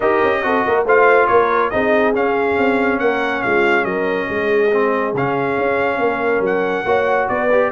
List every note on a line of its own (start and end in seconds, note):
0.00 0.20 D#4
0.00 0.42 G4
0.00 0.41 A#4
0.00 0.84 D#5
0.22 0.43 C#4
0.42 0.65 C4
0.42 0.85 F#4
0.42 0.66 A4
0.66 0.85 A#3
0.66 0.85 A#4
0.85 1.28 A3
0.85 1.72 F4
0.85 1.28 C5
0.85 1.27 F5
1.27 1.72 A#3
1.27 1.72 A#4
1.27 1.70 C#5
1.70 2.15 C4
1.70 2.13 D#4
1.70 3.00 G#4
1.70 2.12 D#5
2.13 4.70 C#4
2.13 2.57 C#4
2.13 2.99 F5
2.57 3.00 C4
2.99 3.43 A#3
2.99 3.43 A#4
2.99 3.42 F#5
3.42 3.84 G#3
3.42 3.84 F4
3.42 3.84 F5
3.84 4.27 F#3
3.84 4.27 A#4
3.84 5.13 D#5
4.27 5.13 G#3
4.27 5.99 G#4
4.72 5.15 C4
5.13 5.56 C#3
5.13 6.85 C#4
5.13 6.44 F5
5.57 5.98 C#4
5.98 6.39 A#3
5.98 6.86 A#4
6.39 6.82 F#3
6.39 7.28 F#5
6.84 7.27 A#3
6.84 7.49 F#4
6.84 7.28 C#5
7.28 7.71 B3
7.28 7.71 B4
7.28 7.71 D5
7.51 7.71 G4